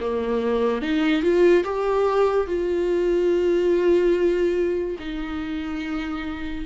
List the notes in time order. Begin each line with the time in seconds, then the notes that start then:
0.00 A#3
0.82 D#4
1.22 F4
1.64 G4
2.47 F4
4.99 D#4